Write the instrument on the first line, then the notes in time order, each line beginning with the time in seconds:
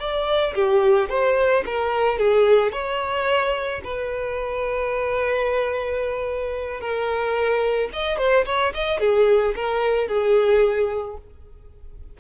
violin
0.00 D5
0.55 G4
1.10 C5
1.66 A#4
2.19 G#4
2.72 C#5
3.84 B4
6.81 A#4
7.93 D#5
8.18 C5
8.46 C#5
8.75 D#5
9.00 G#4
9.56 A#4
10.08 G#4